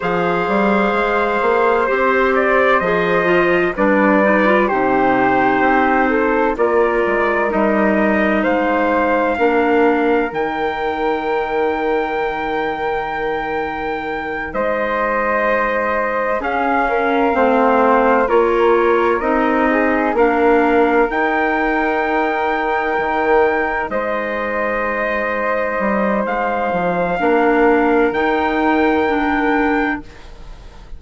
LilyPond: <<
  \new Staff \with { instrumentName = "trumpet" } { \time 4/4 \tempo 4 = 64 f''2 c''8 d''8 dis''4 | d''4 c''2 d''4 | dis''4 f''2 g''4~ | g''2.~ g''8 dis''8~ |
dis''4. f''2 cis''8~ | cis''8 dis''4 f''4 g''4.~ | g''4. dis''2~ dis''8 | f''2 g''2 | }
  \new Staff \with { instrumentName = "flute" } { \time 4/4 c''1 | b'4 g'4. a'8 ais'4~ | ais'4 c''4 ais'2~ | ais'2.~ ais'8 c''8~ |
c''4. gis'8 ais'8 c''4 ais'8~ | ais'4 gis'8 ais'2~ ais'8~ | ais'4. c''2~ c''8~ | c''4 ais'2. | }
  \new Staff \with { instrumentName = "clarinet" } { \time 4/4 gis'2 g'4 gis'8 f'8 | d'8 dis'16 f'16 dis'2 f'4 | dis'2 d'4 dis'4~ | dis'1~ |
dis'4. cis'4 c'4 f'8~ | f'8 dis'4 d'4 dis'4.~ | dis'1~ | dis'4 d'4 dis'4 d'4 | }
  \new Staff \with { instrumentName = "bassoon" } { \time 4/4 f8 g8 gis8 ais8 c'4 f4 | g4 c4 c'4 ais8 gis8 | g4 gis4 ais4 dis4~ | dis2.~ dis8 gis8~ |
gis4. cis'4 a4 ais8~ | ais8 c'4 ais4 dis'4.~ | dis'8 dis4 gis2 g8 | gis8 f8 ais4 dis2 | }
>>